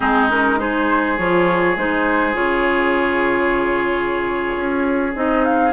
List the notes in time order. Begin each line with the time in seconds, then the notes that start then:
0.00 G#3 C4 D#4 G#4
0.29 C#4 A#4
0.58 D#4 G#4 C5
1.17 F3 F4 C#5
1.76 G#3 D#4 C5
2.33 C#3 F4 C#5
4.55 C#4
5.14 C4 D#4 D#5
5.44 F5